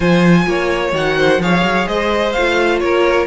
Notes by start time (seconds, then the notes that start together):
0.00 F3 F4 C5 G#5
0.46 A#3 C#5
0.92 D#3 F#4 F#5
1.17 C5
1.38 F3 G#4 C#5 F5
1.63 F#3
1.87 G#3 C5 D#5
2.32 A3 F4 F5
2.79 A#3 A#4 C#5